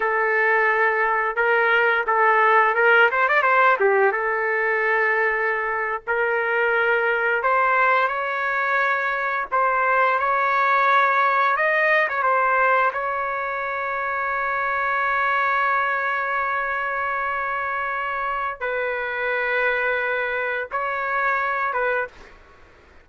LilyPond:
\new Staff \with { instrumentName = "trumpet" } { \time 4/4 \tempo 4 = 87 a'2 ais'4 a'4 | ais'8 c''16 d''16 c''8 g'8 a'2~ | a'8. ais'2 c''4 cis''16~ | cis''4.~ cis''16 c''4 cis''4~ cis''16~ |
cis''8. dis''8. cis''16 c''4 cis''4~ cis''16~ | cis''1~ | cis''2. b'4~ | b'2 cis''4. b'8 | }